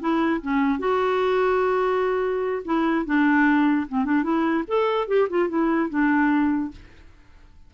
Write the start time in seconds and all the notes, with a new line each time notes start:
0.00 E4
0.42 C#4
0.79 F#4
2.65 E4
3.06 D4
3.88 C4
4.05 D4
4.23 E4
4.68 A4
5.08 G4
5.30 F4
5.49 E4
5.89 D4